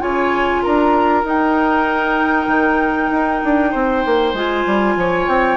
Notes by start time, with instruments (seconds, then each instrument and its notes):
0.00 bassoon C#3, clarinet F4, oboe C#5, flute G#5
0.63 bassoon D4, oboe A#4, flute A#5
1.24 bassoon D#4, clarinet D#4, flute G5
2.47 bassoon D#3
3.11 bassoon D#4
3.44 bassoon D4
3.71 bassoon C4, oboe C5
4.05 bassoon A#3
4.33 bassoon G#3, clarinet F4, flute G#5
4.67 bassoon G3
4.96 bassoon F3, oboe C#5
5.28 bassoon C4, flute G5